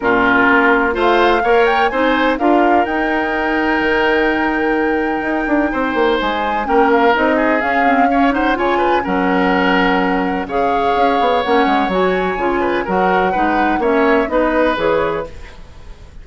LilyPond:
<<
  \new Staff \with { instrumentName = "flute" } { \time 4/4 \tempo 4 = 126 ais'2 f''4. g''8 | gis''4 f''4 g''2~ | g''1~ | g''4 gis''4 g''8 f''8 dis''4 |
f''4. fis''8 gis''4 fis''4~ | fis''2 f''2 | fis''4 gis''2 fis''4~ | fis''4 e''4 dis''4 cis''4 | }
  \new Staff \with { instrumentName = "oboe" } { \time 4/4 f'2 c''4 cis''4 | c''4 ais'2.~ | ais'1 | c''2 ais'4. gis'8~ |
gis'4 cis''8 c''8 cis''8 b'8 ais'4~ | ais'2 cis''2~ | cis''2~ cis''8 b'8 ais'4 | b'4 cis''4 b'2 | }
  \new Staff \with { instrumentName = "clarinet" } { \time 4/4 cis'2 f'4 ais'4 | dis'4 f'4 dis'2~ | dis'1~ | dis'2 cis'4 dis'4 |
cis'8 c'8 cis'8 dis'8 f'4 cis'4~ | cis'2 gis'2 | cis'4 fis'4 f'4 fis'4 | dis'4 cis'4 dis'4 gis'4 | }
  \new Staff \with { instrumentName = "bassoon" } { \time 4/4 ais,4 ais4 a4 ais4 | c'4 d'4 dis'2 | dis2. dis'8 d'8 | c'8 ais8 gis4 ais4 c'4 |
cis'2 cis4 fis4~ | fis2 cis4 cis'8 b8 | ais8 gis8 fis4 cis4 fis4 | gis4 ais4 b4 e4 | }
>>